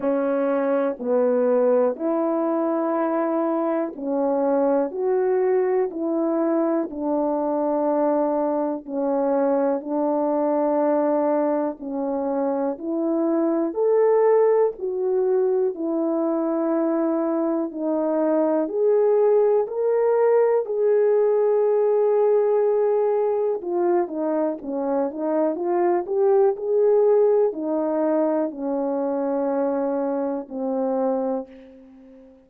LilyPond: \new Staff \with { instrumentName = "horn" } { \time 4/4 \tempo 4 = 61 cis'4 b4 e'2 | cis'4 fis'4 e'4 d'4~ | d'4 cis'4 d'2 | cis'4 e'4 a'4 fis'4 |
e'2 dis'4 gis'4 | ais'4 gis'2. | f'8 dis'8 cis'8 dis'8 f'8 g'8 gis'4 | dis'4 cis'2 c'4 | }